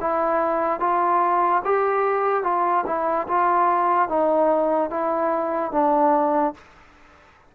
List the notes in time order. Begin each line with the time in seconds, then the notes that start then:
0.00 E4
0.80 F4
1.64 G4
2.43 F4
2.86 E4
3.27 F4
4.08 D#4
4.90 E4
5.72 D4